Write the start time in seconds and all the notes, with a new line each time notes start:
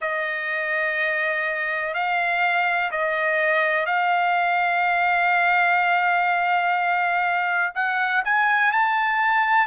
0.01 D#5
1.94 F5
2.91 D#5
3.86 F5
7.75 F#5
8.25 G#5
8.72 A5